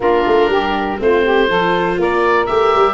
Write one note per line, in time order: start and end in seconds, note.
0.00 0.23 A#3
0.00 0.98 D4
0.00 0.49 F4
0.00 1.00 A#4
0.27 0.48 A3
0.48 0.97 G3
0.48 0.99 G4
0.98 1.49 A3
0.98 1.47 C4
0.98 1.23 F4
0.98 2.01 C5
1.23 1.48 G4
1.47 1.98 F3
1.47 2.46 F4
1.47 1.97 A4
1.97 2.47 A#3
1.97 2.94 A#4
1.97 2.46 D5
2.46 2.74 A3
2.46 2.94 G4
2.46 2.94 E5
2.75 2.94 G3